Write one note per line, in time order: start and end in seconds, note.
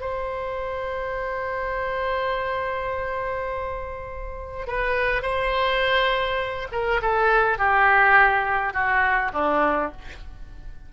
0.00 4.66 C5
4.67 5.22 B4
5.22 6.67 C5
6.71 7.00 A#4
7.01 7.58 A4
7.58 8.73 G4
8.73 9.31 F#4
9.33 9.91 D4